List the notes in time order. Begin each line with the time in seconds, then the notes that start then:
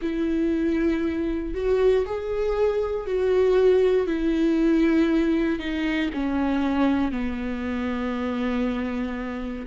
0.01 E4
1.54 F#4
2.05 G#4
3.06 F#4
4.06 E4
5.59 D#4
6.13 C#4
7.11 B3